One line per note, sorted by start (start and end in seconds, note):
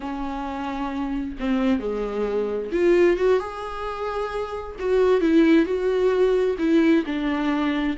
0.00 1.36 C#4
1.39 1.79 C4
1.79 2.70 G#3
2.71 3.17 F4
3.17 3.39 F#4
3.39 4.76 G#4
4.79 5.20 F#4
5.20 5.65 E4
5.65 6.56 F#4
6.58 7.03 E4
7.06 7.97 D4